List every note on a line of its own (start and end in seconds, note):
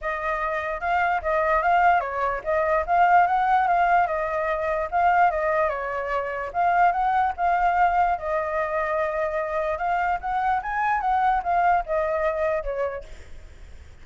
0.01 0.80 D#5
0.80 1.21 F5
1.22 1.62 D#5
1.62 2.00 F5
2.00 2.41 C#5
2.43 2.84 D#5
2.86 3.26 F5
3.26 3.67 F#5
3.67 4.06 F5
4.06 4.88 D#5
4.91 5.30 F5
5.30 5.69 D#5
5.69 6.51 C#5
6.53 6.92 F5
6.92 7.32 F#5
7.36 8.18 F5
8.18 9.78 D#5
9.78 10.18 F5
10.20 10.61 F#5
10.62 11.01 G#5
11.01 11.41 F#5
11.43 11.84 F5
11.86 12.63 D#5
12.63 13.04 C#5